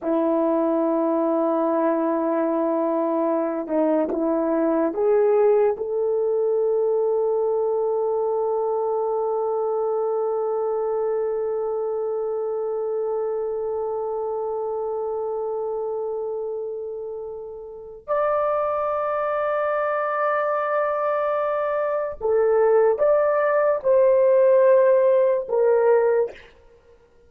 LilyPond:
\new Staff \with { instrumentName = "horn" } { \time 4/4 \tempo 4 = 73 e'1~ | e'8 dis'8 e'4 gis'4 a'4~ | a'1~ | a'1~ |
a'1~ | a'2 d''2~ | d''2. a'4 | d''4 c''2 ais'4 | }